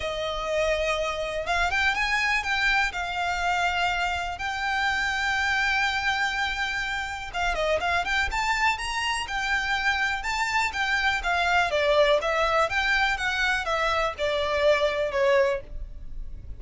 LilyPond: \new Staff \with { instrumentName = "violin" } { \time 4/4 \tempo 4 = 123 dis''2. f''8 g''8 | gis''4 g''4 f''2~ | f''4 g''2.~ | g''2. f''8 dis''8 |
f''8 g''8 a''4 ais''4 g''4~ | g''4 a''4 g''4 f''4 | d''4 e''4 g''4 fis''4 | e''4 d''2 cis''4 | }